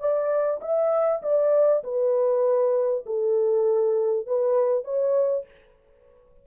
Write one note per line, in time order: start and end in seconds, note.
0.00 0.61 D5
0.61 1.22 E5
1.23 1.83 D5
1.84 3.05 B4
3.06 4.27 A4
4.27 4.85 B4
4.85 5.45 C#5